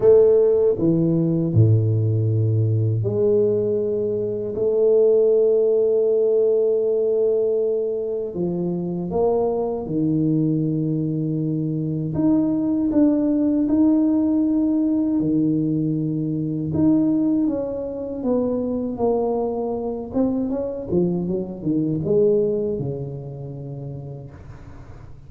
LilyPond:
\new Staff \with { instrumentName = "tuba" } { \time 4/4 \tempo 4 = 79 a4 e4 a,2 | gis2 a2~ | a2. f4 | ais4 dis2. |
dis'4 d'4 dis'2 | dis2 dis'4 cis'4 | b4 ais4. c'8 cis'8 f8 | fis8 dis8 gis4 cis2 | }